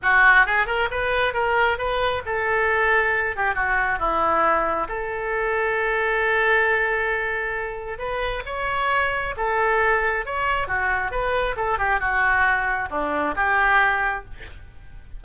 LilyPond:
\new Staff \with { instrumentName = "oboe" } { \time 4/4 \tempo 4 = 135 fis'4 gis'8 ais'8 b'4 ais'4 | b'4 a'2~ a'8 g'8 | fis'4 e'2 a'4~ | a'1~ |
a'2 b'4 cis''4~ | cis''4 a'2 cis''4 | fis'4 b'4 a'8 g'8 fis'4~ | fis'4 d'4 g'2 | }